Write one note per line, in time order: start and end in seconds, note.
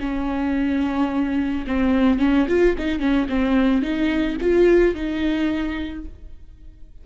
0.00 1.65 C#4
1.67 2.19 C4
2.19 2.47 C#4
2.49 2.76 F4
2.79 3.00 D#4
3.00 3.28 C#4
3.29 3.82 C4
3.82 4.37 D#4
4.41 4.95 F4
4.95 6.05 D#4